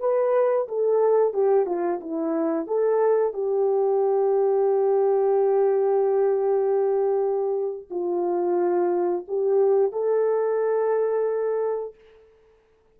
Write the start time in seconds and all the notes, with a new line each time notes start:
0.00 B4
0.68 A4
1.33 G4
1.66 F4
2.00 E4
2.67 A4
3.33 G4
7.90 F4
9.28 G4
9.93 A4